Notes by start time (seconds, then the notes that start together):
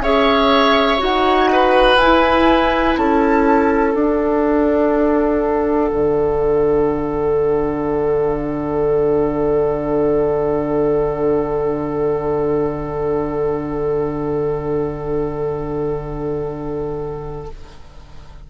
0.00 C#4 G#4 C#5 E5
0.99 D#4 F#4 F#5
1.53 B4
1.97 E4 G#5
2.98 C#4 A4 A5
3.94 D4 F#5
5.92 D3